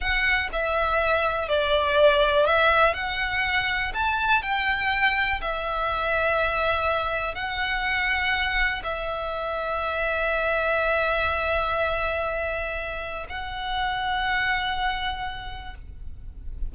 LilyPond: \new Staff \with { instrumentName = "violin" } { \time 4/4 \tempo 4 = 122 fis''4 e''2 d''4~ | d''4 e''4 fis''2 | a''4 g''2 e''4~ | e''2. fis''4~ |
fis''2 e''2~ | e''1~ | e''2. fis''4~ | fis''1 | }